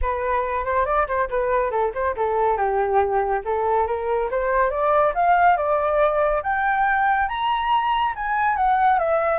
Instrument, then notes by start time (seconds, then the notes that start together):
flute
0.01 B4
0.64 C5
0.85 D5
1.07 C5
1.29 B4
1.70 A4
1.94 C5
2.16 A4
2.57 G4
3.44 A4
3.86 A#4
4.31 C5
4.70 D5
5.14 F5
5.56 D5
6.42 G5
7.28 A#5
8.15 G#5
8.56 F#5
8.98 E5